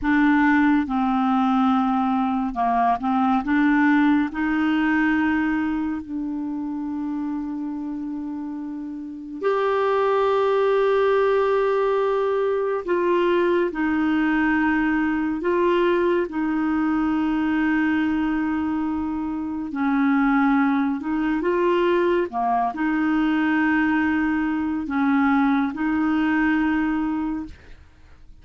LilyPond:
\new Staff \with { instrumentName = "clarinet" } { \time 4/4 \tempo 4 = 70 d'4 c'2 ais8 c'8 | d'4 dis'2 d'4~ | d'2. g'4~ | g'2. f'4 |
dis'2 f'4 dis'4~ | dis'2. cis'4~ | cis'8 dis'8 f'4 ais8 dis'4.~ | dis'4 cis'4 dis'2 | }